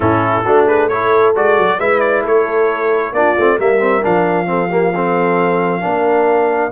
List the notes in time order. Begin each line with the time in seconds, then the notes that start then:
0.00 A2 C#4 E4 A4
0.44 A3 D4 F#4
0.66 G#4 B4
0.88 E4 A4 C#5
1.35 G#3 F#4 D5
1.58 F#3
1.78 G#3 E4 B4 E5
2.00 D5
2.23 A3 A4 C#5
3.12 A#3 D4 F4 D5
3.38 A3 C4
3.57 G3 A#3 A#4 E5
3.79 C4
4.02 F3 D4 F5
4.46 C4 A4
4.69 A#3 G4
4.95 C4 A4
5.80 A#3 D4 A#4